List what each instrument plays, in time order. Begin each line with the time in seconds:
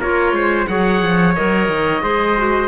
0.00 cello A#3, clarinet F4, trumpet A#4, oboe C#5
0.32 cello G#3, trumpet C5
0.66 cello F#3, clarinet G#4, trumpet C#5, oboe F#5
1.02 cello F3
1.35 cello F#3, clarinet A#4, oboe D#5
1.69 cello D#3
2.02 cello G#3, clarinet G#4, trumpet C5
2.37 clarinet F#4